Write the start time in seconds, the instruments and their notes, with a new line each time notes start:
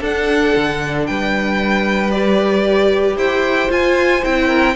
0.00 cello D4, viola D4, violin A4 F#5
0.56 cello D3
1.06 cello G3, violin B4 G5
2.11 viola G4, violin D5
3.16 cello E4, violin C5 G5
3.69 viola F4, cello F4, violin G#5
4.23 cello C4, viola E4, violin G5
4.47 violin A#4